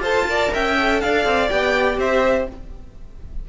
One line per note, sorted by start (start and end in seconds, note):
0.00 0.49 F4
0.00 0.27 A4
0.00 0.26 C5
0.00 0.54 A5
0.28 0.77 A#4
0.28 0.54 D5
0.54 1.04 C#4
0.54 1.02 E5
0.54 1.01 G5
0.79 1.50 A4
1.01 1.26 D4
1.01 2.00 D5
1.01 1.50 F5
1.26 1.50 C4
1.50 1.98 B3
1.50 2.47 G4
1.50 1.98 G5
1.98 2.47 C4
1.98 2.49 C5
1.98 2.49 E5